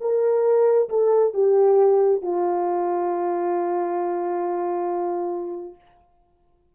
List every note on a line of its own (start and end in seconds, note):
0.00 0.88 A#4
0.89 1.33 A4
1.33 2.21 G4
2.22 5.75 F4